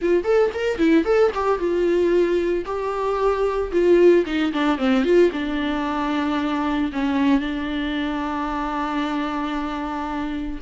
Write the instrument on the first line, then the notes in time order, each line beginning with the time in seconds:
viola
0.01 F4
0.24 A4
0.53 A#4
0.78 E4
1.05 A4
1.34 G4
1.58 F4
2.65 G4
3.71 F4
4.26 D#4
4.53 D4
4.78 C4
5.04 F4
5.32 D4
6.92 C#4
7.40 D4